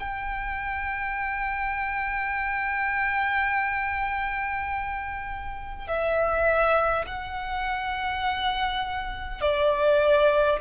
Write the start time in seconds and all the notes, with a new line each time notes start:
0.00 G5
5.88 E5
7.07 F#5
9.42 D5